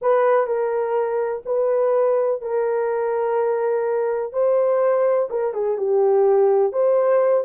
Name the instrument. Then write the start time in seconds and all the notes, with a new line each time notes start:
horn
0.01 B4
0.46 A#4
1.45 B4
2.41 A#4
4.32 C5
5.30 A#4
5.53 G#4
5.77 G4
6.72 C5